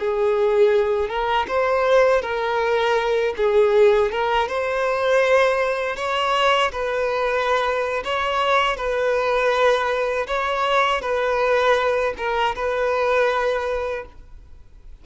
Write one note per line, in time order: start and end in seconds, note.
0.00 1.09 G#4
1.09 1.47 A#4
1.48 2.22 C5
2.22 3.35 A#4
3.37 4.12 G#4
4.12 4.49 A#4
4.49 5.97 C5
5.97 6.72 C#5
6.72 8.04 B4
8.05 8.77 C#5
8.77 10.27 B4
10.28 11.02 C#5
11.02 12.14 B4
12.18 12.56 A#4
12.56 14.06 B4